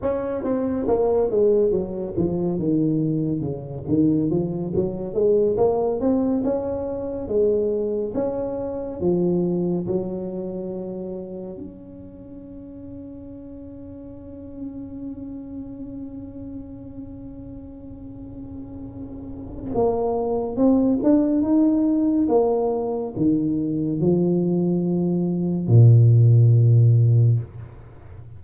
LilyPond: \new Staff \with { instrumentName = "tuba" } { \time 4/4 \tempo 4 = 70 cis'8 c'8 ais8 gis8 fis8 f8 dis4 | cis8 dis8 f8 fis8 gis8 ais8 c'8 cis'8~ | cis'8 gis4 cis'4 f4 fis8~ | fis4. cis'2~ cis'8~ |
cis'1~ | cis'2. ais4 | c'8 d'8 dis'4 ais4 dis4 | f2 ais,2 | }